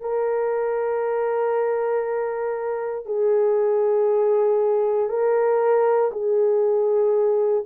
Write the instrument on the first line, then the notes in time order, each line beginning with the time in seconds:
horn
0.00 A#4
3.06 G#4
5.09 A#4
6.12 G#4